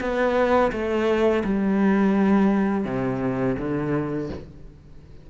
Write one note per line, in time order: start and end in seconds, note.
0.00 0.71 B3
0.72 1.43 A3
1.44 2.84 G3
2.84 3.56 C3
3.58 4.29 D3